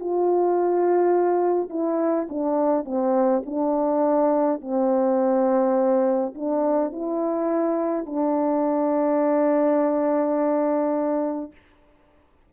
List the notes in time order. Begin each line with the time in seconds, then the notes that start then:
0.00 F4
1.70 E4
2.30 D4
2.85 C4
3.46 D4
4.61 C4
6.35 D4
6.92 E4
8.06 D4